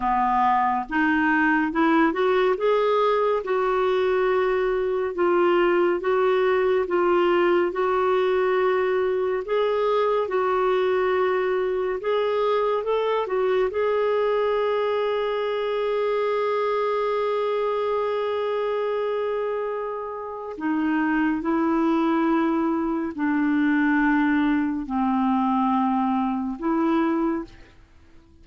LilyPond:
\new Staff \with { instrumentName = "clarinet" } { \time 4/4 \tempo 4 = 70 b4 dis'4 e'8 fis'8 gis'4 | fis'2 f'4 fis'4 | f'4 fis'2 gis'4 | fis'2 gis'4 a'8 fis'8 |
gis'1~ | gis'1 | dis'4 e'2 d'4~ | d'4 c'2 e'4 | }